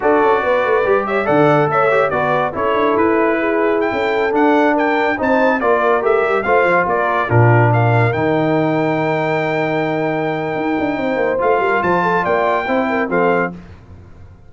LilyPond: <<
  \new Staff \with { instrumentName = "trumpet" } { \time 4/4 \tempo 4 = 142 d''2~ d''8 e''8 fis''4 | e''4 d''4 cis''4 b'4~ | b'4 g''4~ g''16 fis''4 g''8.~ | g''16 a''4 d''4 e''4 f''8.~ |
f''16 d''4 ais'4 f''4 g''8.~ | g''1~ | g''2. f''4 | a''4 g''2 f''4 | }
  \new Staff \with { instrumentName = "horn" } { \time 4/4 a'4 b'4. cis''8 d''4 | cis''4 b'4 a'2 | gis'4~ gis'16 a'2 ais'8.~ | ais'16 c''4 ais'2 c''8.~ |
c''16 ais'4 f'4 ais'4.~ ais'16~ | ais'1~ | ais'2 c''4. ais'8 | c''8 a'8 d''4 c''8 ais'8 a'4 | }
  \new Staff \with { instrumentName = "trombone" } { \time 4/4 fis'2 g'4 a'4~ | a'8 g'8 fis'4 e'2~ | e'2~ e'16 d'4.~ d'16~ | d'16 dis'4 f'4 g'4 f'8.~ |
f'4~ f'16 d'2 dis'8.~ | dis'1~ | dis'2. f'4~ | f'2 e'4 c'4 | }
  \new Staff \with { instrumentName = "tuba" } { \time 4/4 d'8 cis'8 b8 a8 g4 d4 | a4 b4 cis'8 d'8 e'4~ | e'4~ e'16 cis'4 d'4.~ d'16~ | d'16 c'4 ais4 a8 g8 a8 f16~ |
f16 ais4 ais,2 dis8.~ | dis1~ | dis4 dis'8 d'8 c'8 ais8 a8 g8 | f4 ais4 c'4 f4 | }
>>